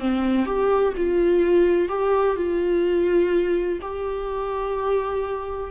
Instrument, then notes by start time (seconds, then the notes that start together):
viola
0.00 C4
0.46 G4
0.97 F4
1.89 G4
2.37 F4
3.82 G4